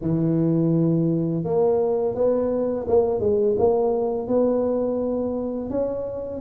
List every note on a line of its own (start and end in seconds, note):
0.01 1.44 E3
1.44 2.14 A#3
2.14 2.86 B3
2.88 3.20 A#3
3.20 3.56 G#3
3.58 4.27 A#3
4.27 5.70 B3
5.70 6.41 C#4